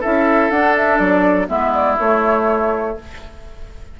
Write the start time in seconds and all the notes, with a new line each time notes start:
0.00 C#4 E4 A4 E5
0.50 D4 F#5
0.76 E5
0.98 F#3 D5
1.47 G#3 B3 E4 E5
1.73 D5
1.99 A3 C#5